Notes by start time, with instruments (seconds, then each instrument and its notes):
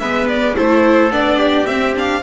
0.00 double bass G#3, viola B3, trumpet B4, violin E5
0.29 violin D5
0.55 double bass A3, viola E4, trumpet A4, violin C5
1.11 double bass B3, viola D4, violin D5
1.39 trumpet G4
1.67 viola C4, double bass C4, violin E5
1.96 viola D4, violin F5